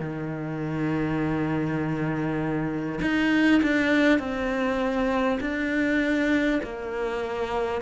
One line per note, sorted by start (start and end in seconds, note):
0.00 3.00 D#3
3.02 3.62 D#4
3.63 4.19 D4
4.19 5.39 C4
5.41 6.61 D4
6.63 7.82 A#3